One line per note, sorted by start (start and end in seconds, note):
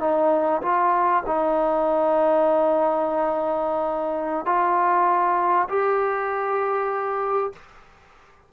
0.00 0.61 D#4
0.62 1.23 F4
1.26 4.45 D#4
4.45 5.68 F4
5.69 7.52 G4